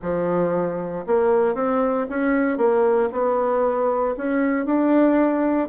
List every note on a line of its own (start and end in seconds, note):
0.02 1.05 F3
1.06 1.54 A#3
1.54 2.06 C4
2.09 2.57 C#4
2.57 3.09 A#3
3.12 4.15 B3
4.17 4.65 C#4
4.65 5.68 D4